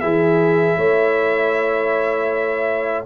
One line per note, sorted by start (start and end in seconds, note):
0.00 0.77 E3
0.00 3.06 E4
0.00 0.78 G#4
0.00 3.04 E5
0.77 3.05 A3
0.77 3.06 C#5